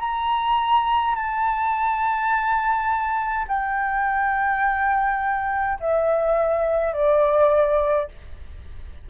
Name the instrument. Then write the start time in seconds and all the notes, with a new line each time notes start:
flute
0.00 A#5
1.15 A5
3.48 G5
5.80 E5
6.93 D5